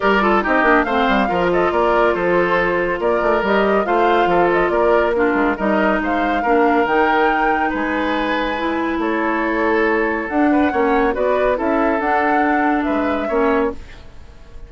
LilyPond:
<<
  \new Staff \with { instrumentName = "flute" } { \time 4/4 \tempo 4 = 140 d''4 dis''4 f''4. dis''8 | d''4 c''2 d''4 | dis''4 f''4. dis''8 d''4 | ais'4 dis''4 f''2 |
g''2 gis''2~ | gis''4 cis''2. | fis''2 d''4 e''4 | fis''2 e''2 | }
  \new Staff \with { instrumentName = "oboe" } { \time 4/4 ais'8 a'8 g'4 c''4 ais'8 a'8 | ais'4 a'2 ais'4~ | ais'4 c''4 a'4 ais'4 | f'4 ais'4 c''4 ais'4~ |
ais'2 b'2~ | b'4 a'2.~ | a'8 b'8 cis''4 b'4 a'4~ | a'2 b'4 cis''4 | }
  \new Staff \with { instrumentName = "clarinet" } { \time 4/4 g'8 f'8 dis'8 d'8 c'4 f'4~ | f'1 | g'4 f'2. | d'4 dis'2 d'4 |
dis'1 | e'1 | d'4 cis'4 fis'4 e'4 | d'2. cis'4 | }
  \new Staff \with { instrumentName = "bassoon" } { \time 4/4 g4 c'8 ais8 a8 g8 f4 | ais4 f2 ais8 a8 | g4 a4 f4 ais4~ | ais8 gis8 g4 gis4 ais4 |
dis2 gis2~ | gis4 a2. | d'4 ais4 b4 cis'4 | d'2 gis4 ais4 | }
>>